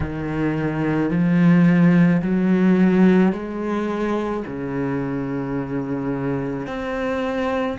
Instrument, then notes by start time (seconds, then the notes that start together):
cello
0.00 D#3
1.10 F3
2.22 F#3
3.32 G#3
4.46 C#3
6.66 C4